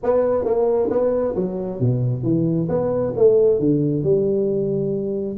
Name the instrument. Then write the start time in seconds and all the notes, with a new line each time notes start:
tuba
0.03 B3
0.44 A#3
0.90 B3
1.35 F#3
1.80 B2
2.23 E3
2.68 B3
3.16 A3
3.59 D3
4.03 G3